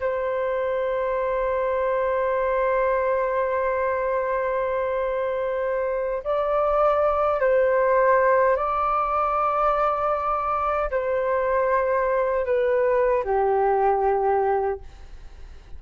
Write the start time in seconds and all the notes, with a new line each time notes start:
0.00 C5
6.24 D5
7.40 C5
8.56 D5
10.91 C5
12.45 B4
13.24 G4